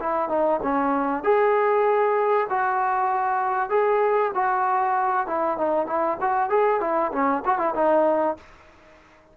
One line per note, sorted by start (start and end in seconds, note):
0.00 0.29 E4
0.29 0.60 D#4
0.62 1.23 C#4
1.23 2.47 G#4
2.49 3.69 F#4
3.69 4.31 G#4
4.34 5.26 F#4
5.26 5.57 E4
5.57 5.87 D#4
5.87 6.17 E4
6.21 6.49 F#4
6.49 6.80 G#4
6.80 7.11 E4
7.12 7.43 C#4
7.45 7.58 F#4
7.58 7.74 E4
7.75 8.36 D#4